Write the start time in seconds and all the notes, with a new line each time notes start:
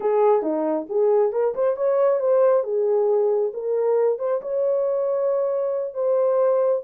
0.00 G#4
0.42 D#4
0.89 G#4
1.32 A#4
1.54 C5
1.76 C#5
2.20 C5
2.63 G#4
3.53 A#4
4.19 C5
4.41 C#5
5.94 C5